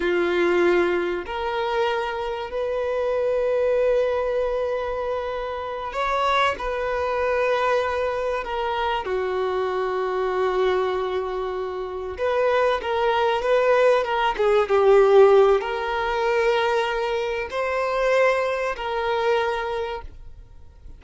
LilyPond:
\new Staff \with { instrumentName = "violin" } { \time 4/4 \tempo 4 = 96 f'2 ais'2 | b'1~ | b'4. cis''4 b'4.~ | b'4. ais'4 fis'4.~ |
fis'2.~ fis'8 b'8~ | b'8 ais'4 b'4 ais'8 gis'8 g'8~ | g'4 ais'2. | c''2 ais'2 | }